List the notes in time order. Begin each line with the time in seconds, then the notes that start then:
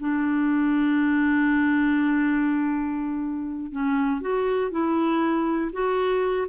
0.00 D4
3.72 C#4
4.21 F#4
4.71 E4
5.73 F#4